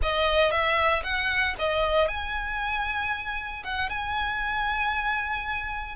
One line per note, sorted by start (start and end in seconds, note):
0.02 0.51 D#5
0.51 1.03 E5
1.03 1.55 F#5
1.58 2.08 D#5
2.08 3.63 G#5
3.63 3.89 F#5
3.89 5.95 G#5